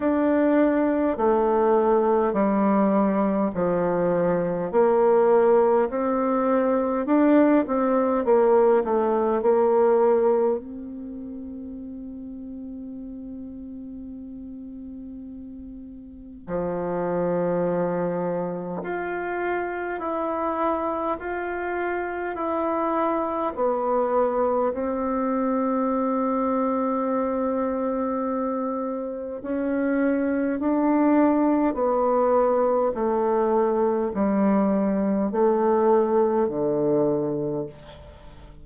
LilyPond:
\new Staff \with { instrumentName = "bassoon" } { \time 4/4 \tempo 4 = 51 d'4 a4 g4 f4 | ais4 c'4 d'8 c'8 ais8 a8 | ais4 c'2.~ | c'2 f2 |
f'4 e'4 f'4 e'4 | b4 c'2.~ | c'4 cis'4 d'4 b4 | a4 g4 a4 d4 | }